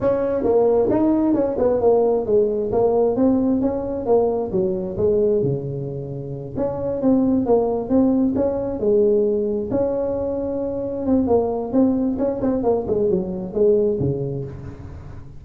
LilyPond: \new Staff \with { instrumentName = "tuba" } { \time 4/4 \tempo 4 = 133 cis'4 ais4 dis'4 cis'8 b8 | ais4 gis4 ais4 c'4 | cis'4 ais4 fis4 gis4 | cis2~ cis8 cis'4 c'8~ |
c'8 ais4 c'4 cis'4 gis8~ | gis4. cis'2~ cis'8~ | cis'8 c'8 ais4 c'4 cis'8 c'8 | ais8 gis8 fis4 gis4 cis4 | }